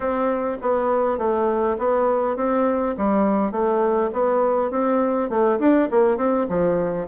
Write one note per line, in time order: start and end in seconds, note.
0.00 0.57 C4
0.61 1.17 B3
1.17 1.76 A3
1.78 2.36 B3
2.36 2.95 C4
2.97 3.51 G3
3.51 4.10 A3
4.13 4.70 B3
4.70 5.29 C4
5.29 5.59 A3
5.59 5.88 D4
5.90 6.17 A#3
6.17 6.46 C4
6.48 7.07 F3